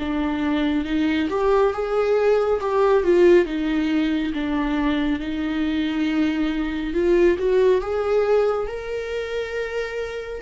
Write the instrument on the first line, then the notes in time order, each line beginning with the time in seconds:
viola
0.00 D4
0.85 D#4
1.30 G4
1.74 G#4
2.61 G4
3.04 F4
3.46 D#4
4.34 D4
5.20 D#4
6.94 F4
7.39 F#4
7.82 G#4
8.68 A#4